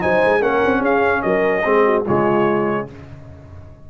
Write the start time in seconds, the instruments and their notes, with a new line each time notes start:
0.00 tuba F#3, trombone D#4, horn C5, trumpet G#5
0.24 tuba G#3
0.41 tuba A#3, trombone C#4, horn A#4, trumpet F#5
0.65 tuba C4
0.80 tuba C#4, horn G#4, trumpet F5
1.22 tuba F#3, horn A#4, trumpet D#5
1.64 tuba G#3, trombone C4, horn G#4
1.85 horn F#4
2.05 tuba C#3, trombone G#3, horn F4, trumpet C#5